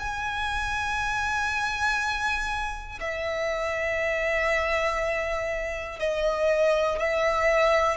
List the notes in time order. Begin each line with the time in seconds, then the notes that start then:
0.00 G#5
3.00 E5
6.00 D#5
6.99 E5